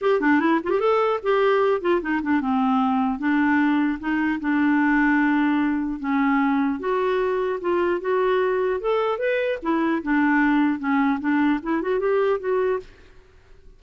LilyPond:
\new Staff \with { instrumentName = "clarinet" } { \time 4/4 \tempo 4 = 150 g'8 d'8 e'8 f'16 g'16 a'4 g'4~ | g'8 f'8 dis'8 d'8 c'2 | d'2 dis'4 d'4~ | d'2. cis'4~ |
cis'4 fis'2 f'4 | fis'2 a'4 b'4 | e'4 d'2 cis'4 | d'4 e'8 fis'8 g'4 fis'4 | }